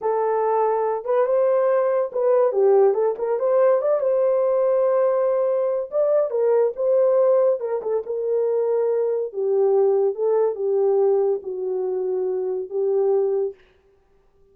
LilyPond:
\new Staff \with { instrumentName = "horn" } { \time 4/4 \tempo 4 = 142 a'2~ a'8 b'8 c''4~ | c''4 b'4 g'4 a'8 ais'8 | c''4 d''8 c''2~ c''8~ | c''2 d''4 ais'4 |
c''2 ais'8 a'8 ais'4~ | ais'2 g'2 | a'4 g'2 fis'4~ | fis'2 g'2 | }